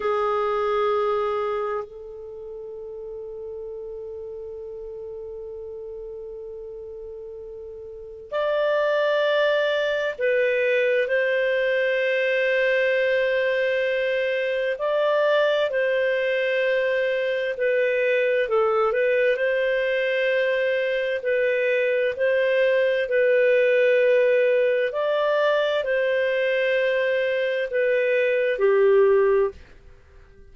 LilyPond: \new Staff \with { instrumentName = "clarinet" } { \time 4/4 \tempo 4 = 65 gis'2 a'2~ | a'1~ | a'4 d''2 b'4 | c''1 |
d''4 c''2 b'4 | a'8 b'8 c''2 b'4 | c''4 b'2 d''4 | c''2 b'4 g'4 | }